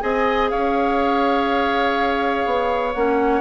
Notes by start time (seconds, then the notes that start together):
0.00 C4 G#4 D#5 G#5
0.49 C#4 C#5 F5
2.45 B3
2.93 A#3 C#4 F#5